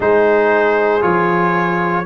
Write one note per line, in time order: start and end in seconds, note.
0.00 1.02 G#3
0.00 1.00 D#4
0.00 2.06 G#4
0.00 1.02 C5
1.00 2.06 F3
1.00 2.04 F4
1.00 2.06 C#5